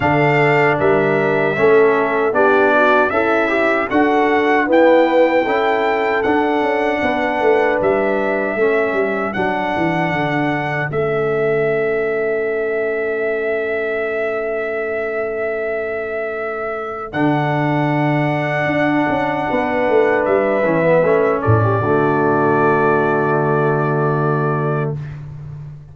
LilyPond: <<
  \new Staff \with { instrumentName = "trumpet" } { \time 4/4 \tempo 4 = 77 f''4 e''2 d''4 | e''4 fis''4 g''2 | fis''2 e''2 | fis''2 e''2~ |
e''1~ | e''2 fis''2~ | fis''2 e''4. d''8~ | d''1 | }
  \new Staff \with { instrumentName = "horn" } { \time 4/4 a'4 ais'4 a'4 g'8 fis'8 | e'4 a'4 b'4 a'4~ | a'4 b'2 a'4~ | a'1~ |
a'1~ | a'1~ | a'4 b'2~ b'8 a'16 g'16 | fis'1 | }
  \new Staff \with { instrumentName = "trombone" } { \time 4/4 d'2 cis'4 d'4 | a'8 g'8 fis'4 b4 e'4 | d'2. cis'4 | d'2 cis'2~ |
cis'1~ | cis'2 d'2~ | d'2~ d'8 cis'16 b16 cis'4 | a1 | }
  \new Staff \with { instrumentName = "tuba" } { \time 4/4 d4 g4 a4 b4 | cis'4 d'4 e'4 cis'4 | d'8 cis'8 b8 a8 g4 a8 g8 | fis8 e8 d4 a2~ |
a1~ | a2 d2 | d'8 cis'8 b8 a8 g8 e8 a8 a,8 | d1 | }
>>